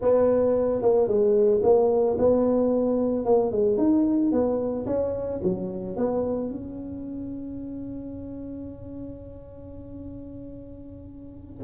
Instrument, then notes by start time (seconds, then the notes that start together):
tuba
0.01 B3
0.82 A#3
1.07 G#3
1.63 A#3
2.18 B3
3.25 A#3
3.51 G#3
3.77 D#4
4.32 B3
4.86 C#4
5.43 F#3
5.96 B3
6.50 C#4